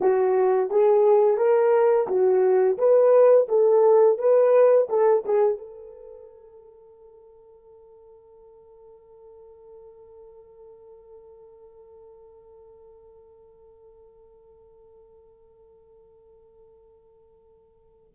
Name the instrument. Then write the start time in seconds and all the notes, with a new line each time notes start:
horn
0.00 F#4
0.70 G#4
1.37 A#4
2.07 F#4
2.77 B4
3.48 A4
4.18 B4
4.89 A4
5.25 G#4
5.58 A4